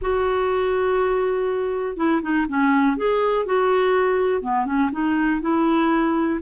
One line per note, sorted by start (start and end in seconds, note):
0.01 1.96 F#4
1.96 2.21 E4
2.22 2.46 D#4
2.48 2.96 C#4
2.96 3.45 G#4
3.45 4.41 F#4
4.41 4.65 B3
4.65 4.90 C#4
4.92 5.41 D#4
5.41 6.39 E4